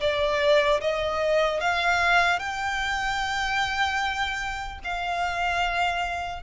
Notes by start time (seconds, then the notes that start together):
0.00 D5
0.80 D#5
1.60 F5
2.39 G5
4.84 F5